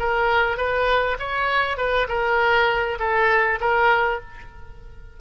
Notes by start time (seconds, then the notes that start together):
0.00 A#4
0.58 B4
1.20 C#5
1.78 B4
2.09 A#4
2.99 A4
3.61 A#4